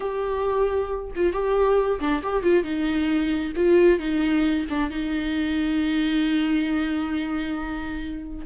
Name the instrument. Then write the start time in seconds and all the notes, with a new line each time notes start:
viola
0.00 G4
1.15 F4
1.33 G4
1.99 D4
2.23 G4
2.43 F4
2.63 D#4
3.56 F4
3.99 D#4
4.69 D4
4.90 D#4